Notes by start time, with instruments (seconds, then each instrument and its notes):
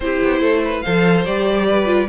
0.00 cello C4, viola E4, violin G4 C5
0.23 cello B3
0.40 cello A3, violin A4
0.64 violin B4
0.81 cello F3, viola A4, violin C5 F5
1.25 cello G3, viola G4, violin D5
1.67 violin B4
1.85 viola F4